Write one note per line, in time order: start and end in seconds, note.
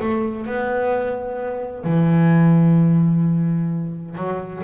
0.00 0.46 A3
0.46 1.84 B3
1.84 4.15 E3
4.15 4.62 F#3